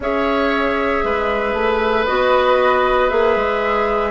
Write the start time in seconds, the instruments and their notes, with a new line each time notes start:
0.00 bassoon C#4, clarinet G#4, oboe C#5, flute E5
1.03 bassoon G#3, oboe B4
1.53 bassoon A3
2.06 bassoon B3, clarinet F#4, flute D#5
3.09 bassoon A#3, clarinet G#4, flute E5
3.36 bassoon G#3